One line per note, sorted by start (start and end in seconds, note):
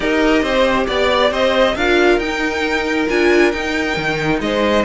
0.00 0.42 D#4
0.00 1.76 G4
0.00 0.42 A#4
0.00 0.87 D#5
0.42 0.86 C4
0.42 0.86 C5
0.87 1.30 B3
0.87 1.31 D5
0.87 1.33 D5
1.30 1.75 C4
1.30 1.75 C5
1.30 1.76 D#5
1.75 2.18 D4
1.75 2.22 F4
1.75 4.41 A#4
1.75 2.19 F5
2.18 3.06 D#4
2.18 3.09 D#4
2.18 3.07 G5
3.09 3.53 D4
3.09 3.53 F4
3.09 3.51 G#5
3.51 3.96 D#4
3.51 4.85 D#4
3.51 4.39 G5
3.96 4.40 D#3
4.40 4.84 G#3
4.40 4.85 C5
4.40 4.85 D#5